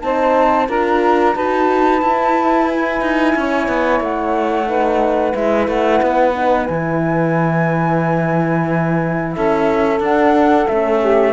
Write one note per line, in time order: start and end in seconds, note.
0.00 0.69 C4
0.00 0.67 D#4
0.00 0.68 C5
0.00 0.67 A5
0.68 1.35 D4
0.68 1.35 F4
0.68 1.34 A#4
0.68 1.36 A#5
1.34 2.02 D#4
1.34 2.01 F#4
1.34 3.34 B4
1.34 2.68 A5
2.01 4.67 E4
2.01 3.01 E4
2.68 4.01 G#5
3.01 3.34 D#4
3.35 3.68 C#4
3.35 4.67 C#5
3.68 4.00 B3
4.00 5.33 A3
4.00 5.35 F#5
4.67 5.33 D#4
4.67 9.34 B4
5.33 5.67 G#3
5.33 6.33 E4
5.33 5.68 E5
5.67 6.01 A3
5.67 6.65 F#5
6.02 6.69 B3
6.35 6.67 D#4
6.65 9.36 E3
6.65 9.99 E4
6.65 9.32 G#5
9.32 10.00 C#4
9.32 11.01 A4
9.32 9.98 E5
9.99 10.66 D4
9.99 10.67 F#5
10.67 11.33 A3
10.67 11.33 C#4
10.67 11.33 E5
11.01 11.33 G4